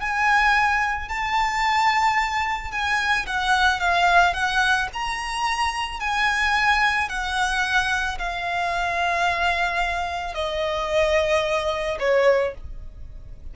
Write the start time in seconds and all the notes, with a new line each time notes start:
0.00 G#5
1.09 A5
2.71 G#5
3.26 F#5
3.80 F5
4.33 F#5
4.93 A#5
6.00 G#5
7.09 F#5
8.18 F5
10.34 D#5
11.99 C#5